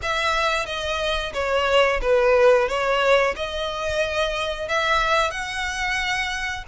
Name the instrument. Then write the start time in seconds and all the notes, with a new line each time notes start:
violin
0.02 E5
0.66 D#5
1.33 C#5
2.01 B4
2.68 C#5
3.36 D#5
4.68 E5
5.30 F#5